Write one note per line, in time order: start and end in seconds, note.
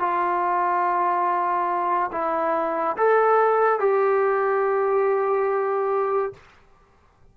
0.00 2.11 F4
2.12 2.97 E4
2.98 3.80 A4
3.80 6.33 G4